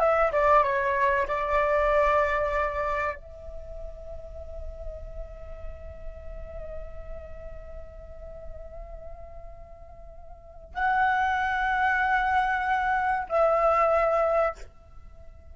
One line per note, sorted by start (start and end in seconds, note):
0.00 0.32 E5
0.32 0.63 D5
0.63 1.27 C#5
1.28 3.16 D5
3.16 10.74 E5
10.74 13.27 F#5
13.29 14.56 E5